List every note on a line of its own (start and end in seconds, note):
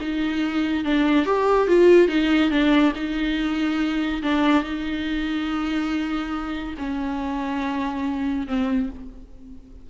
0.00 0.84 D#4
0.84 1.25 D4
1.25 1.67 G4
1.67 2.08 F4
2.08 2.50 D#4
2.50 2.92 D4
2.95 4.22 D#4
4.22 4.63 D4
4.63 6.75 D#4
6.78 8.47 C#4
8.47 8.89 C4